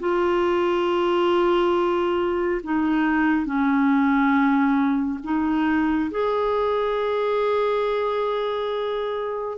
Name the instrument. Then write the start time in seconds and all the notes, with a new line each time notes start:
clarinet
0.00 F4
2.64 D#4
3.45 C#4
5.23 D#4
6.11 G#4